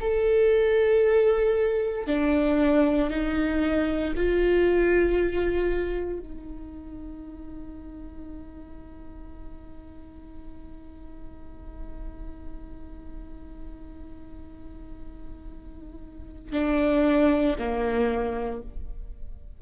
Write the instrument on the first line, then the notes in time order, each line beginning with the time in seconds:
viola
0.00 A4
2.06 D4
3.10 D#4
4.16 F4
6.19 D#4
16.52 D4
17.58 A#3